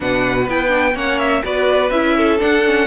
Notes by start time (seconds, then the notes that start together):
0.00 B2 D4 B4 F#5
0.48 B3 E4 G5
0.68 D4
0.94 A#3 C#4 C#5 F#5
1.18 E5
1.44 B3 F#4 B4 D5
1.90 C#4 E4 E5
2.17 A4
2.39 D4 F#5
2.65 C#4